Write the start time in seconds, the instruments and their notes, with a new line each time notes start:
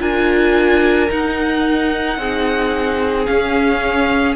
0.00 cello D4, viola F4, violin A#4 G#5
1.10 viola D#4, cello D#4, violin F#5
2.18 cello C4, violin G#4
3.26 viola C#4, cello C#4, violin F5